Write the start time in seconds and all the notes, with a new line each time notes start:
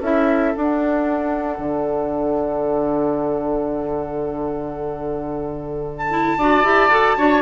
0.00 C#4 E4 A4 E5
0.54 D4 F#5
1.58 D3
5.98 A5
6.10 E4
6.37 D4 F#4 D5
6.63 E4 G4
6.88 F#4 A4
7.17 D4 F#4 C#5